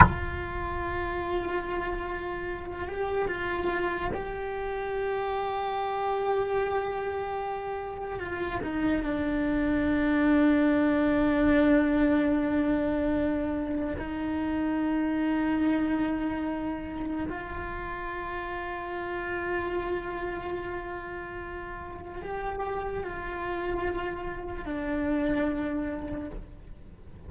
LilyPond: \new Staff \with { instrumentName = "cello" } { \time 4/4 \tempo 4 = 73 f'2.~ f'8 g'8 | f'4 g'2.~ | g'2 f'8 dis'8 d'4~ | d'1~ |
d'4 dis'2.~ | dis'4 f'2.~ | f'2. g'4 | f'2 d'2 | }